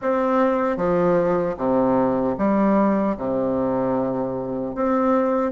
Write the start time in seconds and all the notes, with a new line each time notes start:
0.01 C4
0.76 F3
1.57 C3
2.38 G3
3.17 C3
4.75 C4